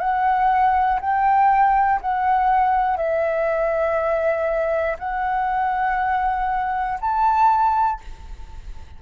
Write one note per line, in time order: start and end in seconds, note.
0.00 1.00 F#5
1.01 2.01 G5
2.02 2.97 F#5
2.97 4.97 E5
4.99 6.99 F#5
7.01 8.01 A5